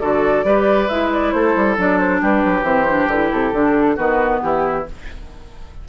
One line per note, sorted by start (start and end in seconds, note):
0.00 0.44 D3
0.00 0.44 F#4
0.00 0.45 A4
0.00 0.88 D5
0.44 0.88 G3
0.44 0.88 G4
0.44 1.34 B4
0.88 1.33 G#3
0.88 1.77 E4
0.88 1.10 E5
1.12 1.31 D5
1.31 1.55 A3
1.31 2.21 A4
1.31 1.75 C5
1.56 1.78 G3
1.77 2.22 F#3
1.77 2.63 D4
1.77 1.98 D5
1.98 2.20 C5
2.21 2.44 G3
2.21 3.96 G4
2.21 2.64 B4
2.44 2.62 F#3
2.62 3.07 E3
2.62 2.85 C4
2.62 3.08 C5
2.89 3.11 D4
3.08 3.30 D3
3.08 3.54 E4
3.08 3.32 B4
3.32 3.53 C3
3.32 3.97 A4
3.53 3.97 D3
3.53 3.97 D4
3.96 4.42 D#3
3.96 4.85 B3
3.96 4.40 F#4
3.96 4.41 B4
4.42 4.86 E3
4.42 4.88 E4
4.42 4.86 G4